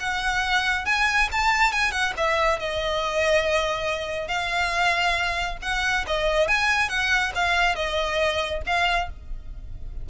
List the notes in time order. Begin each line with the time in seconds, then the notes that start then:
0.00 F#5
0.85 G#5
1.32 A5
1.72 G#5
1.91 F#5
2.17 E5
2.59 D#5
4.28 F5
5.62 F#5
6.07 D#5
6.48 G#5
6.89 F#5
7.35 F5
7.75 D#5
8.66 F5